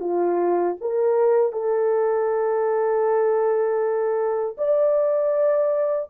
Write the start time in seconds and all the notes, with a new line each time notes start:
0.00 F4
0.80 A#4
1.52 A4
4.57 D5